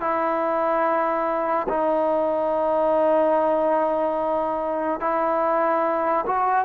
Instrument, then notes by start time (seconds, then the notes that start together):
trombone
0.00 E4
1.69 D#4
5.00 E4
6.26 F#4